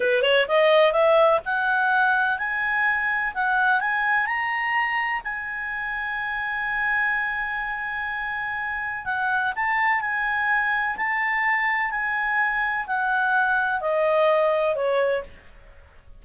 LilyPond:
\new Staff \with { instrumentName = "clarinet" } { \time 4/4 \tempo 4 = 126 b'8 cis''8 dis''4 e''4 fis''4~ | fis''4 gis''2 fis''4 | gis''4 ais''2 gis''4~ | gis''1~ |
gis''2. fis''4 | a''4 gis''2 a''4~ | a''4 gis''2 fis''4~ | fis''4 dis''2 cis''4 | }